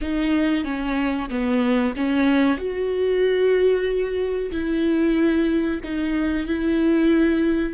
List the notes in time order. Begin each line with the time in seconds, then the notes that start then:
0.01 D#4
0.64 C#4
1.29 B3
1.96 C#4
2.57 F#4
4.51 E4
5.83 D#4
6.46 E4